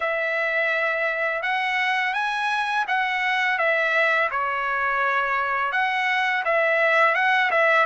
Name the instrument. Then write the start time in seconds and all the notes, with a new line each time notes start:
trumpet
0.00 E5
1.42 F#5
2.13 G#5
2.87 F#5
3.58 E5
4.31 C#5
5.72 F#5
6.44 E5
7.14 F#5
7.51 E5